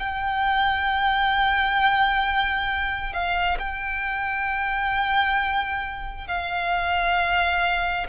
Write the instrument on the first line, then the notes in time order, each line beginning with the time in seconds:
violin
0.00 G5
3.13 F5
3.59 G5
6.28 F5